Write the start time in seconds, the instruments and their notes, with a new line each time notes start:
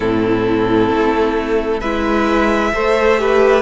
0.00 cello A2, viola C4, violin E4 A4
0.90 cello A3
1.80 cello G#3, viola E4, violin B4 E5
2.73 cello A3, viola A4, violin C5
3.18 viola G4, violin B4